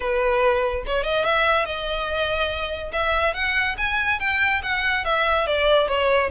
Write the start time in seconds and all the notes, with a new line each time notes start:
0.00 B4
0.86 C#5
1.03 D#5
1.25 E5
1.65 D#5
2.92 E5
3.34 F#5
3.77 G#5
4.19 G5
4.62 F#5
5.04 E5
5.47 D5
5.87 C#5